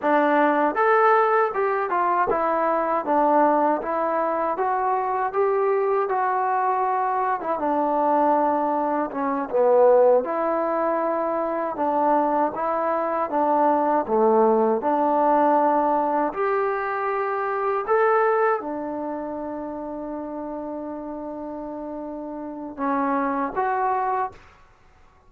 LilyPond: \new Staff \with { instrumentName = "trombone" } { \time 4/4 \tempo 4 = 79 d'4 a'4 g'8 f'8 e'4 | d'4 e'4 fis'4 g'4 | fis'4.~ fis'16 e'16 d'2 | cis'8 b4 e'2 d'8~ |
d'8 e'4 d'4 a4 d'8~ | d'4. g'2 a'8~ | a'8 d'2.~ d'8~ | d'2 cis'4 fis'4 | }